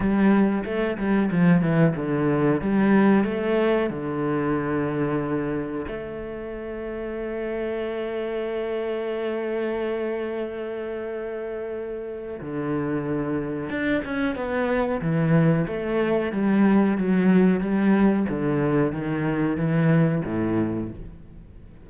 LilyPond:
\new Staff \with { instrumentName = "cello" } { \time 4/4 \tempo 4 = 92 g4 a8 g8 f8 e8 d4 | g4 a4 d2~ | d4 a2.~ | a1~ |
a2. d4~ | d4 d'8 cis'8 b4 e4 | a4 g4 fis4 g4 | d4 dis4 e4 a,4 | }